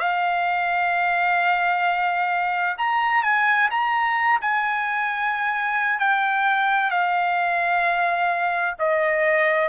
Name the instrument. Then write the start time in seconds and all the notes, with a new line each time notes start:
trumpet
0.00 F5
2.78 A#5
3.23 G#5
3.71 A#5
4.42 G#5
6.00 G5
6.91 F5
8.79 D#5